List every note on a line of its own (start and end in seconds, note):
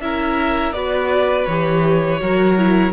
0.00 0.73 C#4
0.00 0.74 E4
0.00 0.74 A#4
0.00 0.73 E5
0.73 1.46 B3
0.73 1.48 F#4
0.73 2.20 B4
0.73 1.46 D5
1.46 2.21 E3
1.46 2.20 G4
1.46 2.92 C#5
2.20 2.92 F#3
2.20 2.56 F#4
2.20 2.92 A#4
2.58 2.92 E4